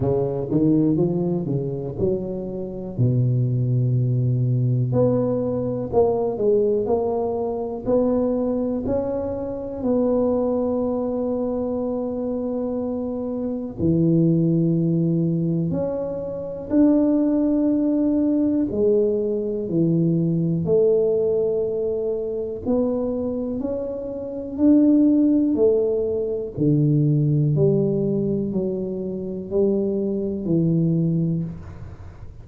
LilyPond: \new Staff \with { instrumentName = "tuba" } { \time 4/4 \tempo 4 = 61 cis8 dis8 f8 cis8 fis4 b,4~ | b,4 b4 ais8 gis8 ais4 | b4 cis'4 b2~ | b2 e2 |
cis'4 d'2 gis4 | e4 a2 b4 | cis'4 d'4 a4 d4 | g4 fis4 g4 e4 | }